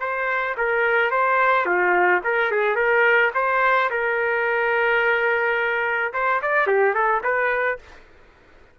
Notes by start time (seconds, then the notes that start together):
0.00 C5
0.57 A#4
1.11 C5
1.65 F4
2.24 A#4
2.51 G#4
2.76 A#4
3.34 C5
3.90 A#4
6.13 C5
6.42 D5
6.67 G4
6.94 A4
7.23 B4